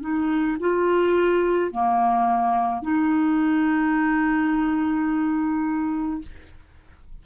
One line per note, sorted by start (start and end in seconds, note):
0.00 0.57 D#4
0.60 1.71 F4
1.71 2.81 A#3
2.81 6.21 D#4